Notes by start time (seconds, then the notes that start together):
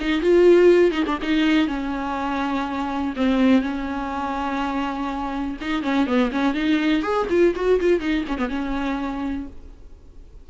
0.00 D#4
0.21 F4
0.91 D#4
1.06 D4
1.22 D#4
1.67 C#4
3.16 C4
3.62 C#4
5.61 D#4
5.82 C#4
6.06 B3
6.31 C#4
6.54 D#4
7.02 G#4
7.30 F4
7.55 F#4
7.80 F4
8.00 D#4
8.27 C#4
8.38 B3
8.49 C#4